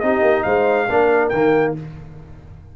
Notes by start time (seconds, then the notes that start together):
0.00 C4 D#4 G4 D#5
0.22 A#3
0.43 G#3 C5 F5
0.86 A#3 D4 A#4
1.29 D#3 A#3 G5